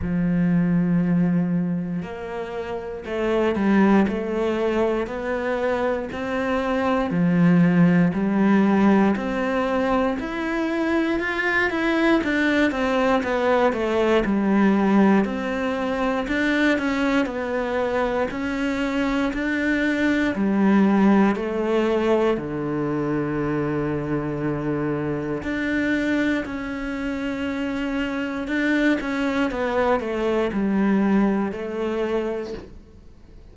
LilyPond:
\new Staff \with { instrumentName = "cello" } { \time 4/4 \tempo 4 = 59 f2 ais4 a8 g8 | a4 b4 c'4 f4 | g4 c'4 e'4 f'8 e'8 | d'8 c'8 b8 a8 g4 c'4 |
d'8 cis'8 b4 cis'4 d'4 | g4 a4 d2~ | d4 d'4 cis'2 | d'8 cis'8 b8 a8 g4 a4 | }